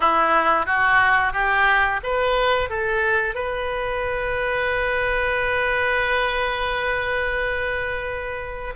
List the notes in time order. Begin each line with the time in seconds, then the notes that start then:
0.00 E4
0.66 F#4
1.33 G4
2.03 B4
2.69 A4
3.34 B4